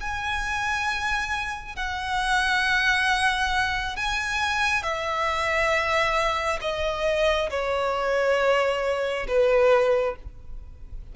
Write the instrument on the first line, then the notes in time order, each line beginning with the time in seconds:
violin
0.00 G#5
1.75 F#5
3.96 G#5
4.82 E5
6.61 D#5
7.50 C#5
9.27 B4